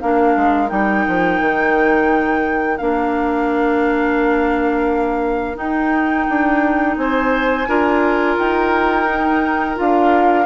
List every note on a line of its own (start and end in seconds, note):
0.00 0.36 A#3
0.00 0.68 D4
0.00 6.99 A#4
0.00 0.69 F5
0.36 0.71 G#3
0.68 1.06 G3
0.68 2.77 D#4
0.68 2.77 G5
1.07 1.40 F3
1.40 2.80 D#3
2.77 5.57 A#3
2.77 5.55 D4
2.77 5.56 F5
5.55 7.64 D#4
5.55 6.26 D#4
5.55 6.97 G5
6.29 6.97 D4
6.97 7.66 C4
6.97 7.68 C5
6.97 8.36 G#5
7.67 8.37 D4
7.67 9.06 F4
7.67 10.45 A#4
8.38 9.78 D#4
8.38 9.77 G5
9.06 9.75 D#4
9.75 10.45 D4
9.75 10.45 F4
9.75 10.45 F5